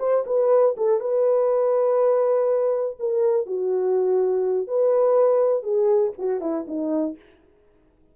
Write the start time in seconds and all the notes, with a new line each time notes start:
0.00 C5
0.26 B4
0.78 A4
1.00 B4
3.00 A#4
3.47 F#4
4.68 B4
5.64 G#4
6.19 F#4
6.41 E4
6.68 D#4